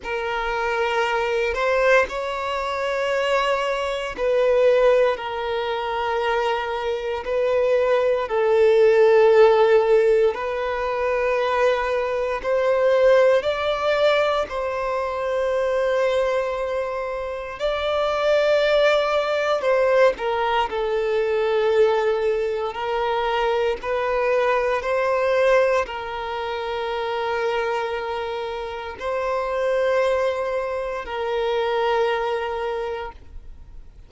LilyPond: \new Staff \with { instrumentName = "violin" } { \time 4/4 \tempo 4 = 58 ais'4. c''8 cis''2 | b'4 ais'2 b'4 | a'2 b'2 | c''4 d''4 c''2~ |
c''4 d''2 c''8 ais'8 | a'2 ais'4 b'4 | c''4 ais'2. | c''2 ais'2 | }